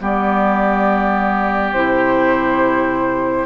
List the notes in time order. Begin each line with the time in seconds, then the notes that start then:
0.00 G3 B3 G4 D5
1.72 C3 E4 C5